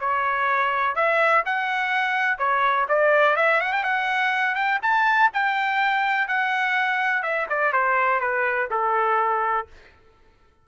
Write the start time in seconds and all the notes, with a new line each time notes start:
0.00 C#5
0.95 E5
1.46 F#5
2.38 C#5
2.89 D5
3.36 E5
3.60 F#5
3.72 G5
3.83 F#5
4.55 G5
4.82 A5
5.33 G5
6.28 F#5
7.23 E5
7.50 D5
7.72 C5
8.20 B4
8.70 A4